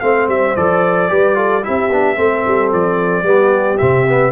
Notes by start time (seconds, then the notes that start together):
0.00 A3 C4 C5 F5
0.27 G3 E5
0.56 F3 A4 D5
1.09 G3 G4 B4
1.35 F4 A4
1.62 C4 E4 G4 E5
1.90 B3 D4
2.16 A3 C4 A4
2.47 G3
2.72 F3 D5
3.23 G3 B3 G4
3.78 C3 C4 E5
4.09 B3